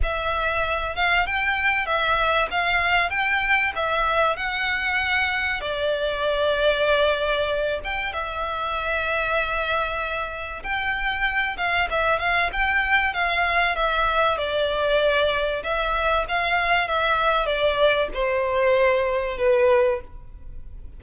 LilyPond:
\new Staff \with { instrumentName = "violin" } { \time 4/4 \tempo 4 = 96 e''4. f''8 g''4 e''4 | f''4 g''4 e''4 fis''4~ | fis''4 d''2.~ | d''8 g''8 e''2.~ |
e''4 g''4. f''8 e''8 f''8 | g''4 f''4 e''4 d''4~ | d''4 e''4 f''4 e''4 | d''4 c''2 b'4 | }